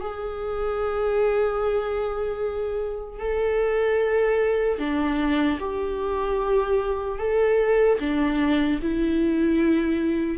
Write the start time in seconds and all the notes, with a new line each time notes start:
0.00 G#4
3.19 A4
4.78 D4
5.59 G4
7.19 A4
7.99 D4
8.82 E4